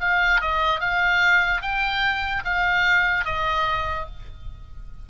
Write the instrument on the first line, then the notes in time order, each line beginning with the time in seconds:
oboe
0.00 F5
0.41 D#5
0.80 F5
1.61 G5
2.44 F5
3.25 D#5